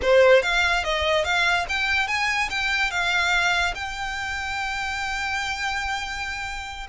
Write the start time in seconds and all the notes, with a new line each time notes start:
0.02 C5
0.42 F5
0.84 D#5
1.24 F5
1.69 G5
2.07 G#5
2.49 G5
2.90 F5
3.74 G5